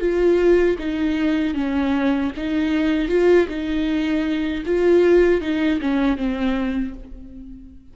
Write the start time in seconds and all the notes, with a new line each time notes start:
0.00 F4
0.79 D#4
1.55 C#4
2.37 D#4
3.09 F4
3.48 D#4
4.66 F4
5.41 D#4
5.81 C#4
6.17 C4